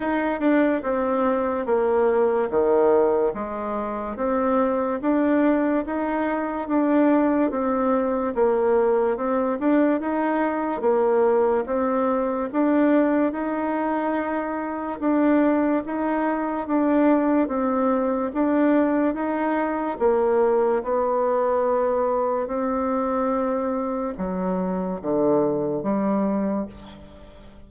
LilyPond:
\new Staff \with { instrumentName = "bassoon" } { \time 4/4 \tempo 4 = 72 dis'8 d'8 c'4 ais4 dis4 | gis4 c'4 d'4 dis'4 | d'4 c'4 ais4 c'8 d'8 | dis'4 ais4 c'4 d'4 |
dis'2 d'4 dis'4 | d'4 c'4 d'4 dis'4 | ais4 b2 c'4~ | c'4 fis4 d4 g4 | }